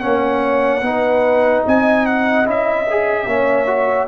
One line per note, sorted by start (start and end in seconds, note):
0.00 0.81 A#3
0.00 0.81 C#4
0.00 0.84 C#5
0.00 1.62 F#5
0.81 1.62 B3
0.81 2.44 D#4
0.81 1.65 B4
1.65 2.46 C4
1.65 3.27 D#5
1.65 2.06 G#5
2.06 2.46 F#5
2.44 3.26 C#4
2.44 2.85 E4
2.44 4.08 E5
2.90 3.27 G#4
3.26 4.07 A#3
3.26 3.66 C#4
3.26 4.08 C#5
3.66 4.07 F#4